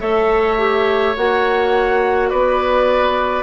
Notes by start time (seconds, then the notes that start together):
0.00 A3 A4 C#5 E5
0.58 G4
1.17 A#3 F#4 F#5
2.30 B3 B4 D5